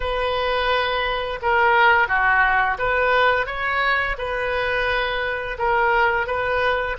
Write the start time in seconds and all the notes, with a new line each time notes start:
0.00 B4
1.41 A#4
2.07 F#4
2.78 B4
3.46 C#5
4.18 B4
5.58 A#4
6.27 B4